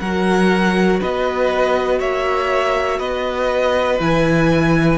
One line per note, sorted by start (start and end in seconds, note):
0.00 1.01 F#3
0.00 4.00 F#4
0.00 1.00 A#4
0.00 1.00 F#5
1.00 2.00 B3
1.00 2.00 B4
1.00 2.01 D#5
2.00 3.00 A#3
2.00 2.99 C#5
2.00 3.00 E5
2.99 4.00 B3
2.99 4.98 B4
2.99 4.00 D#5
4.00 4.98 E3
4.00 4.98 E4
4.00 4.98 G#5